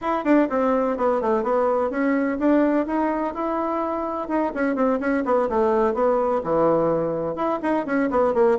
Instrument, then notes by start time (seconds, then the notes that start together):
bassoon
0.01 E4
0.24 D4
0.49 C4
0.97 B3
1.21 A3
1.43 B3
1.90 C#4
2.39 D4
2.86 D#4
3.34 E4
4.28 D#4
4.54 C#4
4.75 C4
4.99 C#4
5.25 B3
5.49 A3
5.94 B3
6.43 E3
7.35 E4
7.62 D#4
7.85 C#4
8.10 B3
8.34 A#3